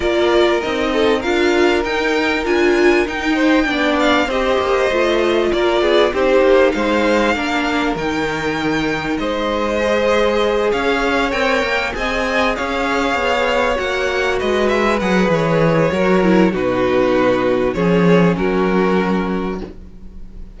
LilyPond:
<<
  \new Staff \with { instrumentName = "violin" } { \time 4/4 \tempo 4 = 98 d''4 dis''4 f''4 g''4 | gis''4 g''4. f''8 dis''4~ | dis''4 d''4 c''4 f''4~ | f''4 g''2 dis''4~ |
dis''4. f''4 g''4 gis''8~ | gis''8 f''2 fis''4 dis''8 | e''8 fis''8 cis''2 b'4~ | b'4 cis''4 ais'2 | }
  \new Staff \with { instrumentName = "violin" } { \time 4/4 ais'4. a'8 ais'2~ | ais'4. c''8 d''4 c''4~ | c''4 ais'8 gis'8 g'4 c''4 | ais'2. c''4~ |
c''4. cis''2 dis''8~ | dis''8 cis''2. b'8~ | b'2 ais'4 fis'4~ | fis'4 gis'4 fis'2 | }
  \new Staff \with { instrumentName = "viola" } { \time 4/4 f'4 dis'4 f'4 dis'4 | f'4 dis'4 d'4 g'4 | f'2 dis'2 | d'4 dis'2. |
gis'2~ gis'8 ais'4 gis'8~ | gis'2~ gis'8 fis'4.~ | fis'8 gis'4. fis'8 e'8 dis'4~ | dis'4 cis'2. | }
  \new Staff \with { instrumentName = "cello" } { \time 4/4 ais4 c'4 d'4 dis'4 | d'4 dis'4 b4 c'8 ais8 | a4 ais8 b8 c'8 ais8 gis4 | ais4 dis2 gis4~ |
gis4. cis'4 c'8 ais8 c'8~ | c'8 cis'4 b4 ais4 gis8~ | gis8 fis8 e4 fis4 b,4~ | b,4 f4 fis2 | }
>>